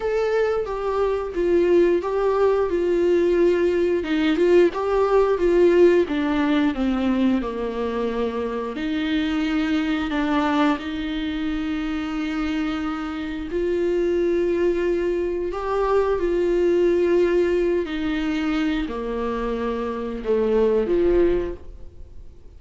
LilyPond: \new Staff \with { instrumentName = "viola" } { \time 4/4 \tempo 4 = 89 a'4 g'4 f'4 g'4 | f'2 dis'8 f'8 g'4 | f'4 d'4 c'4 ais4~ | ais4 dis'2 d'4 |
dis'1 | f'2. g'4 | f'2~ f'8 dis'4. | ais2 a4 f4 | }